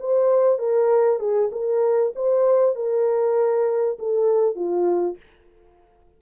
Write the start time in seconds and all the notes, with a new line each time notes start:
0.00 C5
0.59 A#4
1.19 G#4
1.52 A#4
2.16 C5
2.76 A#4
3.99 A4
4.56 F4